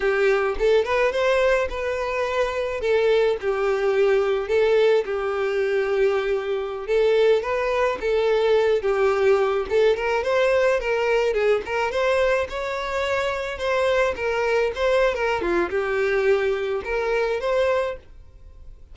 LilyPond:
\new Staff \with { instrumentName = "violin" } { \time 4/4 \tempo 4 = 107 g'4 a'8 b'8 c''4 b'4~ | b'4 a'4 g'2 | a'4 g'2.~ | g'16 a'4 b'4 a'4. g'16~ |
g'4~ g'16 a'8 ais'8 c''4 ais'8.~ | ais'16 gis'8 ais'8 c''4 cis''4.~ cis''16~ | cis''16 c''4 ais'4 c''8. ais'8 f'8 | g'2 ais'4 c''4 | }